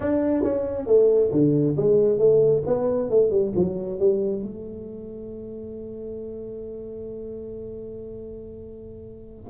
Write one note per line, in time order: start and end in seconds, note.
0.00 0.43 D4
0.43 0.86 C#4
0.86 1.30 A3
1.32 1.76 D3
1.76 2.18 G#3
2.18 2.62 A3
2.66 3.10 B3
3.10 3.30 A3
3.30 3.52 G3
3.55 3.99 F#3
3.99 4.42 G3
4.42 9.49 A3